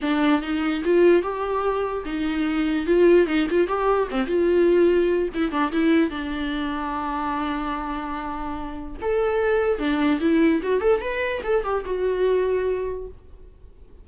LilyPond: \new Staff \with { instrumentName = "viola" } { \time 4/4 \tempo 4 = 147 d'4 dis'4 f'4 g'4~ | g'4 dis'2 f'4 | dis'8 f'8 g'4 c'8 f'4.~ | f'4 e'8 d'8 e'4 d'4~ |
d'1~ | d'2 a'2 | d'4 e'4 fis'8 a'8 b'4 | a'8 g'8 fis'2. | }